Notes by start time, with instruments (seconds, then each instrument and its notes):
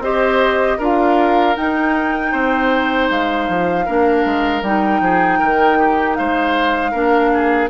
0.00 bassoon C4, clarinet G4, oboe C5, flute D#5
0.78 bassoon D4, clarinet F4, oboe A#4, flute F5
1.56 clarinet D#4, bassoon D#4, flute G5
2.32 bassoon C4, oboe C5
3.10 bassoon G#3, flute F5
3.49 bassoon F3
3.86 bassoon A#3, clarinet D4, oboe A#4
4.25 bassoon G#3
4.62 bassoon G3, clarinet D#4, flute G5
5.01 bassoon F3, oboe G#4
5.39 bassoon D#3, oboe A#4
5.79 oboe G4
6.16 bassoon G#3, oboe C5, flute F5
6.92 bassoon A#3, clarinet D4, oboe A#4
7.34 oboe G#4